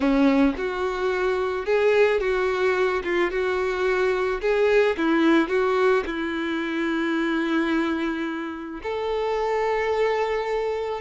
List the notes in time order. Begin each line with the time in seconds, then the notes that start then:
0.00 C#4
0.57 F#4
1.65 G#4
2.20 F#4
3.04 F4
3.31 F#4
4.41 G#4
4.97 E4
5.48 F#4
6.06 E4
8.82 A4